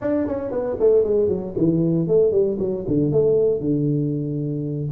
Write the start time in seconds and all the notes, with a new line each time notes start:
0.01 D4
0.27 C#4
0.51 B3
0.79 A3
1.03 G#3
1.28 F#3
1.57 E3
2.07 A3
2.31 G3
2.59 F#3
2.87 D3
3.12 A3
3.60 D3